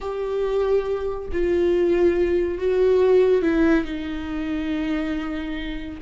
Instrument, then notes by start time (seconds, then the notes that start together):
viola
0.00 G4
1.32 F4
2.58 F#4
3.42 E4
3.85 D#4